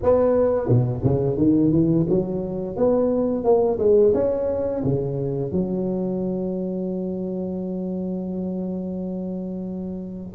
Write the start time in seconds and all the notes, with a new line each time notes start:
0.03 B3
0.68 B2
1.03 C#3
1.37 D#3
1.72 E3
2.09 F#3
2.76 B3
3.44 A#3
3.78 G#3
4.14 C#4
4.84 C#3
5.51 F#3